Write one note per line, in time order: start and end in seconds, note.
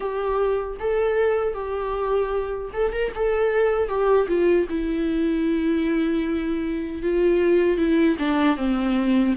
0.00 0.77 G4
0.79 1.54 A4
1.54 2.71 G4
2.73 2.92 A4
2.92 3.12 A#4
3.15 3.88 A4
3.88 4.27 G4
4.28 4.66 F4
4.69 7.02 E4
7.02 7.77 F4
7.77 8.16 E4
8.19 8.56 D4
8.56 9.34 C4